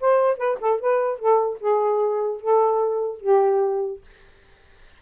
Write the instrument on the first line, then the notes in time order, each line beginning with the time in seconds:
saxophone
0.00 C5
0.37 B4
0.60 A4
0.80 B4
1.18 A4
1.60 G#4
2.41 A4
3.21 G4